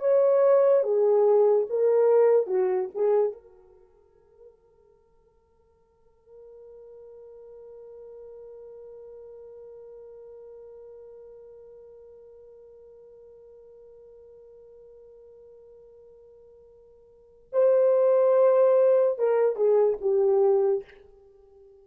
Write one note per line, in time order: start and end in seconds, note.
0.00 0.83 C#5
0.83 1.67 G#4
1.70 2.47 A#4
2.47 2.89 F#4
2.95 3.33 G#4
3.33 17.50 A#4
17.53 19.19 C5
19.19 19.56 A#4
19.56 19.98 G#4
20.01 20.84 G4